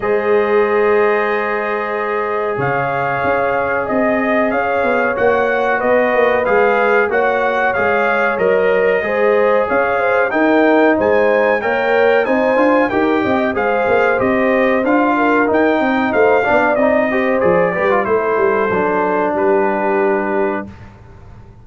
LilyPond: <<
  \new Staff \with { instrumentName = "trumpet" } { \time 4/4 \tempo 4 = 93 dis''1 | f''2 dis''4 f''4 | fis''4 dis''4 f''4 fis''4 | f''4 dis''2 f''4 |
g''4 gis''4 g''4 gis''4 | g''4 f''4 dis''4 f''4 | g''4 f''4 dis''4 d''4 | c''2 b'2 | }
  \new Staff \with { instrumentName = "horn" } { \time 4/4 c''1 | cis''2 dis''4 cis''4~ | cis''4 b'2 cis''4~ | cis''2 c''4 cis''8 c''8 |
ais'4 c''4 cis''4 c''4 | ais'8 dis''8 c''2~ c''8 ais'8~ | ais'8 dis''8 c''8 d''4 c''4 b'8 | a'2 g'2 | }
  \new Staff \with { instrumentName = "trombone" } { \time 4/4 gis'1~ | gis'1 | fis'2 gis'4 fis'4 | gis'4 ais'4 gis'2 |
dis'2 ais'4 dis'8 f'8 | g'4 gis'4 g'4 f'4 | dis'4. d'8 dis'8 g'8 gis'8 g'16 f'16 | e'4 d'2. | }
  \new Staff \with { instrumentName = "tuba" } { \time 4/4 gis1 | cis4 cis'4 c'4 cis'8 b8 | ais4 b8 ais8 gis4 ais4 | gis4 fis4 gis4 cis'4 |
dis'4 gis4 ais4 c'8 d'8 | dis'8 c'8 gis8 ais8 c'4 d'4 | dis'8 c'8 a8 b8 c'4 f8 g8 | a8 g8 fis4 g2 | }
>>